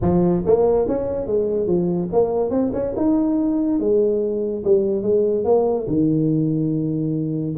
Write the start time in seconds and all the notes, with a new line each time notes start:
0.01 F3
0.46 A#3
0.87 C#4
1.26 G#3
1.66 F3
2.12 A#3
2.50 C4
2.73 C#4
2.96 D#4
3.79 G#3
4.64 G3
5.02 G#3
5.44 A#3
5.87 D#3